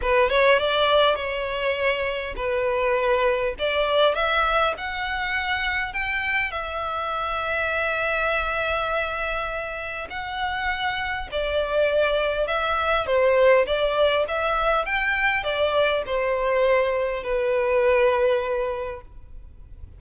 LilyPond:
\new Staff \with { instrumentName = "violin" } { \time 4/4 \tempo 4 = 101 b'8 cis''8 d''4 cis''2 | b'2 d''4 e''4 | fis''2 g''4 e''4~ | e''1~ |
e''4 fis''2 d''4~ | d''4 e''4 c''4 d''4 | e''4 g''4 d''4 c''4~ | c''4 b'2. | }